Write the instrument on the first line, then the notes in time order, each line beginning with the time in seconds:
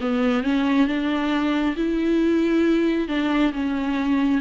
viola
0.00 B3
0.43 C#4
0.87 D4
1.76 E4
3.08 D4
3.53 C#4